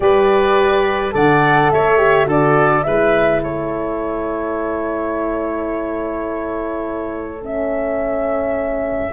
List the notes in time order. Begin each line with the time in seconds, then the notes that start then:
0.00 G3 G4 B4 D5
1.11 D3 A4 D5 F#5
1.71 A3 C#5 E5
1.97 G4
2.25 D3 F#4 A4 D5
2.83 G#3 E4 B4 E5
3.42 A3 A4 C#5
7.42 C#4 E5